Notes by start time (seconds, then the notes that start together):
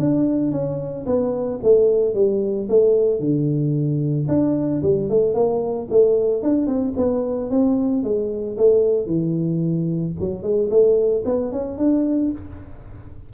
0.00 D4
0.52 C#4
1.07 B3
1.63 A3
2.15 G3
2.70 A3
3.20 D3
4.29 D4
4.83 G3
5.10 A3
5.34 A#3
5.91 A3
6.43 D4
6.67 C4
6.97 B3
7.51 C4
8.04 G#3
8.58 A3
9.07 E3
10.20 F#3
10.43 G#3
10.70 A3
11.25 B3
11.53 C#4
11.78 D4